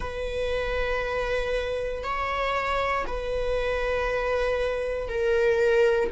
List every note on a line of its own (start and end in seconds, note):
0.00 2.03 B4
2.03 3.05 C#5
3.06 5.08 B4
5.08 6.10 A#4